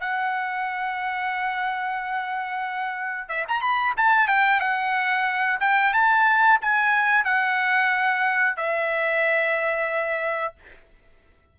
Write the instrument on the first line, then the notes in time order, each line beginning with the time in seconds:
trumpet
0.00 F#5
3.28 E5
3.48 A#5
3.61 B5
3.97 A5
4.28 G5
4.60 F#5
5.60 G5
5.93 A5
6.61 G#5
7.25 F#5
8.57 E5